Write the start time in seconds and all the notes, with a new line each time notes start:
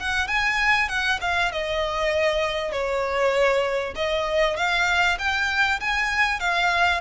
0.00 F#5
0.28 G#5
0.89 F#5
1.21 F5
1.52 D#5
2.72 C#5
3.96 D#5
4.57 F5
5.19 G5
5.81 G#5
6.40 F5